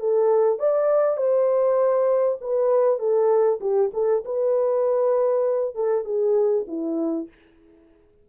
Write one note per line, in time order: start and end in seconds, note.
0.00 0.59 A4
0.59 1.17 D5
1.17 2.38 C5
2.41 2.99 B4
2.99 3.60 A4
3.61 3.91 G4
3.94 4.24 A4
4.25 5.75 B4
5.75 6.05 A4
6.05 6.66 G#4
6.68 7.28 E4